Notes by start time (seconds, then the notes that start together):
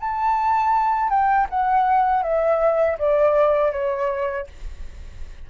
0.00 A5
1.10 G5
1.50 F#5
2.23 E5
2.99 D5
3.72 C#5